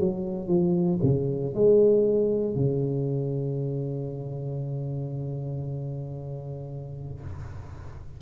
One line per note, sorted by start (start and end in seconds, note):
0.00 0.48 F#3
0.48 1.00 F3
1.03 1.55 C#3
1.55 2.56 G#3
2.56 7.21 C#3